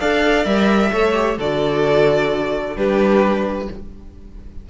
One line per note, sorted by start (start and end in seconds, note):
0.00 0.45 D4
0.00 0.46 A4
0.00 0.92 D5
0.00 0.46 F5
0.45 0.92 G3
0.45 0.92 A#4
0.45 1.38 E5
0.93 1.38 A3
0.93 1.14 A4
0.93 1.38 C#5
1.14 1.37 G4
1.38 2.76 D3
1.38 2.76 F#4
1.38 2.77 A4
1.38 2.78 D5
2.76 3.69 G3
2.76 3.69 D4
2.76 3.69 G4
2.76 3.70 B4